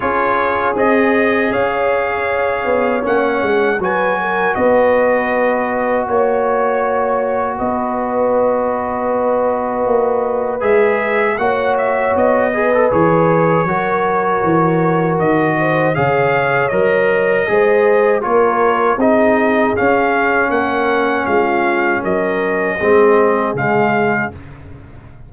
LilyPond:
<<
  \new Staff \with { instrumentName = "trumpet" } { \time 4/4 \tempo 4 = 79 cis''4 dis''4 f''2 | fis''4 gis''4 dis''2 | cis''2 dis''2~ | dis''2 e''4 fis''8 e''8 |
dis''4 cis''2. | dis''4 f''4 dis''2 | cis''4 dis''4 f''4 fis''4 | f''4 dis''2 f''4 | }
  \new Staff \with { instrumentName = "horn" } { \time 4/4 gis'2 cis''2~ | cis''4 b'8 ais'8 b'2 | cis''2 b'2~ | b'2. cis''4~ |
cis''8 b'4. ais'2~ | ais'8 c''8 cis''2 c''4 | ais'4 gis'2 ais'4 | f'4 ais'4 gis'2 | }
  \new Staff \with { instrumentName = "trombone" } { \time 4/4 f'4 gis'2. | cis'4 fis'2.~ | fis'1~ | fis'2 gis'4 fis'4~ |
fis'8 gis'16 a'16 gis'4 fis'2~ | fis'4 gis'4 ais'4 gis'4 | f'4 dis'4 cis'2~ | cis'2 c'4 gis4 | }
  \new Staff \with { instrumentName = "tuba" } { \time 4/4 cis'4 c'4 cis'4. b8 | ais8 gis8 fis4 b2 | ais2 b2~ | b4 ais4 gis4 ais4 |
b4 e4 fis4 e4 | dis4 cis4 fis4 gis4 | ais4 c'4 cis'4 ais4 | gis4 fis4 gis4 cis4 | }
>>